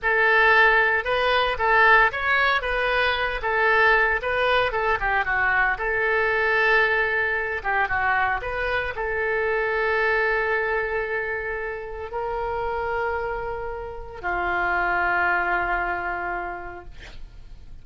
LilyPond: \new Staff \with { instrumentName = "oboe" } { \time 4/4 \tempo 4 = 114 a'2 b'4 a'4 | cis''4 b'4. a'4. | b'4 a'8 g'8 fis'4 a'4~ | a'2~ a'8 g'8 fis'4 |
b'4 a'2.~ | a'2. ais'4~ | ais'2. f'4~ | f'1 | }